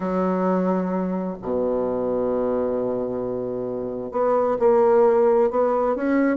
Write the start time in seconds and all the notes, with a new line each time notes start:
0.00 F#3
1.42 B2
4.11 B3
4.59 A#3
5.50 B3
5.95 C#4